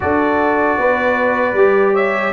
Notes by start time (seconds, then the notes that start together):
0.00 D4 F#4 A4 D5
0.77 B3 B4
1.53 G3 G4
1.93 C#5 E5